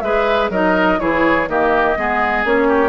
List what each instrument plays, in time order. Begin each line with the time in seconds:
0.00 bassoon G#3, clarinet G#4, oboe B4, flute E5
0.49 bassoon F#3, clarinet D#4, oboe A#4, flute D#5
0.99 bassoon E3, clarinet E4, oboe G#4, flute C#5
1.48 bassoon D#3, clarinet A#3, oboe G4, flute D#5
1.96 bassoon G#3, clarinet B3, oboe G#4
2.44 bassoon A#3, clarinet C#4, flute C#5
2.68 oboe G4